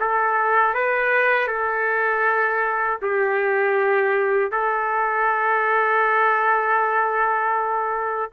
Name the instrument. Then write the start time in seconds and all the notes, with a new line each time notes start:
trumpet
0.00 A4
0.74 B4
1.47 A4
3.02 G4
4.51 A4